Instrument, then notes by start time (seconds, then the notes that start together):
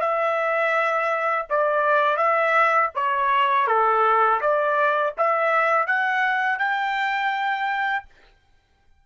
trumpet
0.00 E5
1.49 D5
2.17 E5
2.94 C#5
3.67 A4
4.40 D5
5.17 E5
5.86 F#5
6.59 G5